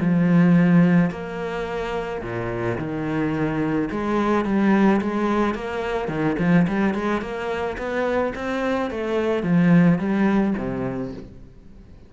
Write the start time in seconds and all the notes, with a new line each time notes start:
0.00 F3
1.10 A#3
2.22 A#2
2.78 D#3
3.90 G#3
4.44 G3
5.01 G#3
5.54 A#3
6.08 D#3
6.38 F3
6.67 G3
6.94 G#3
7.21 A#3
7.78 B3
8.35 C4
8.90 A3
9.43 F3
9.98 G3
10.57 C3